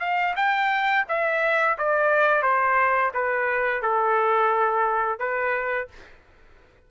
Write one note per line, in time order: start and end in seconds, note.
0.00 0.34 F5
0.36 1.05 G5
1.08 1.77 E5
1.78 2.43 D5
2.43 3.12 C5
3.14 3.82 B4
3.82 5.19 A4
5.19 5.88 B4